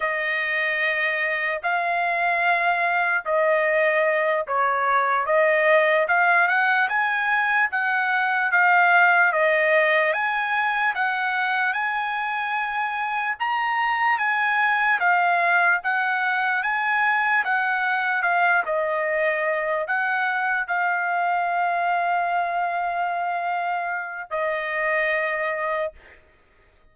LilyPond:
\new Staff \with { instrumentName = "trumpet" } { \time 4/4 \tempo 4 = 74 dis''2 f''2 | dis''4. cis''4 dis''4 f''8 | fis''8 gis''4 fis''4 f''4 dis''8~ | dis''8 gis''4 fis''4 gis''4.~ |
gis''8 ais''4 gis''4 f''4 fis''8~ | fis''8 gis''4 fis''4 f''8 dis''4~ | dis''8 fis''4 f''2~ f''8~ | f''2 dis''2 | }